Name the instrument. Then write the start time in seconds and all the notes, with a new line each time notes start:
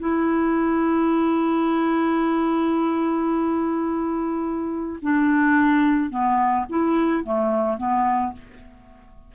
clarinet
0.00 E4
5.03 D4
6.11 B3
6.69 E4
7.24 A3
7.78 B3